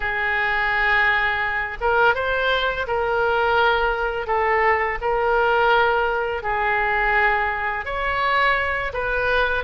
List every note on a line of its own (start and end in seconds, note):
0.00 1.77 G#4
1.80 2.14 A#4
2.14 2.86 C5
2.87 4.27 A#4
4.27 4.98 A4
5.01 6.43 A#4
6.43 7.85 G#4
7.85 8.92 C#5
8.93 9.64 B4